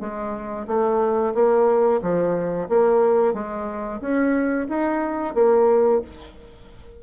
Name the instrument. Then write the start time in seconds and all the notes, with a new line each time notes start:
bassoon
0.00 G#3
0.67 A3
1.34 A#3
2.02 F3
2.69 A#3
3.34 G#3
4.01 C#4
4.69 D#4
5.35 A#3